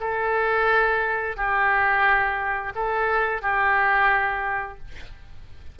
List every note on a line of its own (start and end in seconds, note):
0.00 1.36 A4
1.37 2.73 G4
2.75 3.42 A4
3.42 4.79 G4